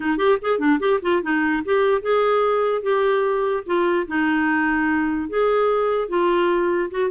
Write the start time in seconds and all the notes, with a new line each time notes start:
0.00 D#4
0.17 G4
0.41 G#4
0.59 D4
0.79 G4
1.02 F4
1.22 D#4
1.64 G4
2.01 G#4
2.82 G4
3.66 F4
4.07 D#4
5.29 G#4
6.08 F4
6.90 F#4